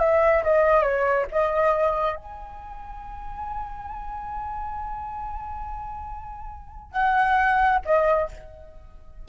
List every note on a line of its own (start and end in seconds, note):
0.00 0.43 E5
0.44 0.83 D#5
0.83 1.26 C#5
1.32 2.16 D#5
2.16 6.92 G#5
6.92 7.79 F#5
7.85 8.29 D#5